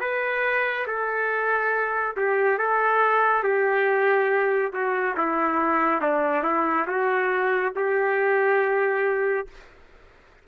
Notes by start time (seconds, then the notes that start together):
0.00 B4
0.87 A4
2.17 G4
2.58 A4
3.43 G4
4.73 F#4
5.17 E4
6.01 D4
6.43 E4
6.87 F#4
7.76 G4